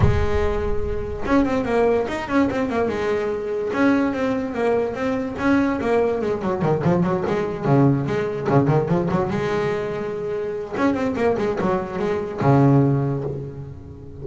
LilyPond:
\new Staff \with { instrumentName = "double bass" } { \time 4/4 \tempo 4 = 145 gis2. cis'8 c'8 | ais4 dis'8 cis'8 c'8 ais8 gis4~ | gis4 cis'4 c'4 ais4 | c'4 cis'4 ais4 gis8 fis8 |
dis8 f8 fis8 gis4 cis4 gis8~ | gis8 cis8 dis8 f8 fis8 gis4.~ | gis2 cis'8 c'8 ais8 gis8 | fis4 gis4 cis2 | }